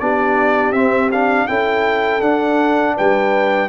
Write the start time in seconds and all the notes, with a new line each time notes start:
0.00 B3 D4 G4 D5
0.72 C4 E5
1.12 D4 F5
1.48 C#4 E4 A4 G5
2.21 D4 F#5
2.96 G3 B4 G5